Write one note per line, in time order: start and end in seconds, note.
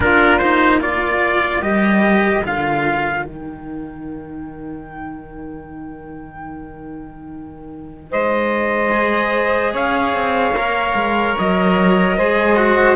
0.00 1.61 A#3
0.00 0.41 D4
0.00 0.81 F4
0.00 0.38 A#4
0.38 0.80 D#4
0.38 0.79 C5
0.80 1.61 F4
0.80 8.11 A#4
0.80 1.62 D5
1.61 2.42 G3
1.61 2.43 G4
1.61 2.43 D#5
2.43 3.26 D3
2.43 3.24 F4
2.43 3.26 F5
3.24 8.12 D#3
3.24 8.91 D#4
3.24 8.12 G5
8.11 9.73 G#3
8.11 9.72 C5
8.11 9.74 D#5
8.91 10.53 G#4
9.72 10.13 C#4
9.72 12.15 C#5
9.72 11.37 F5
10.13 10.51 C4
10.51 10.92 A#3
10.51 12.18 A#4
10.94 11.35 G#3
11.38 12.17 F#3
11.38 12.95 D#5
12.16 12.95 G#3
12.16 12.56 G#4
12.16 12.95 C5
12.56 12.95 F#4